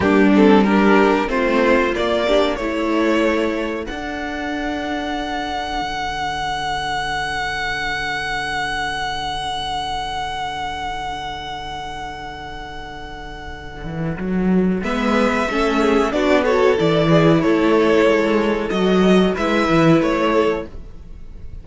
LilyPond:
<<
  \new Staff \with { instrumentName = "violin" } { \time 4/4 \tempo 4 = 93 g'8 a'8 ais'4 c''4 d''4 | cis''2 fis''2~ | fis''1~ | fis''1~ |
fis''1~ | fis''2. e''4~ | e''4 d''8 cis''8 d''4 cis''4~ | cis''4 dis''4 e''4 cis''4 | }
  \new Staff \with { instrumentName = "violin" } { \time 4/4 d'4 g'4 f'4. g'8 | a'1~ | a'1~ | a'1~ |
a'1~ | a'2. b'4 | a'8 gis'8 fis'8 a'4 gis'8 a'4~ | a'2 b'4. a'8 | }
  \new Staff \with { instrumentName = "viola" } { \time 4/4 ais8 c'8 d'4 c'4 ais8 d'8 | e'2 d'2~ | d'1~ | d'1~ |
d'1~ | d'2. b4 | cis'4 d'8 fis'8 e'2~ | e'4 fis'4 e'2 | }
  \new Staff \with { instrumentName = "cello" } { \time 4/4 g2 a4 ais4 | a2 d'2~ | d'4 d2.~ | d1~ |
d1~ | d4. e8 fis4 gis4 | a4 b4 e4 a4 | gis4 fis4 gis8 e8 a4 | }
>>